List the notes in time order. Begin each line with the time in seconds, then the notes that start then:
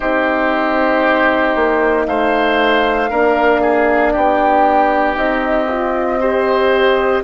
0.00 C4 D#4 G4 C5
1.55 A#3
2.06 A3 C5 F5
3.09 A#3 D4 A#4
3.61 G#4
4.12 B3 G4 G5
5.15 C4 D#4 D#5
5.68 F4
6.20 G4 C5